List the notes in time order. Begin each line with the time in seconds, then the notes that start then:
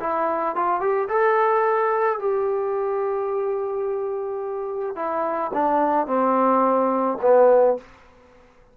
0.00 E4
0.56 F4
0.80 G4
1.09 A4
2.19 G4
4.96 E4
5.54 D4
6.07 C4
7.22 B3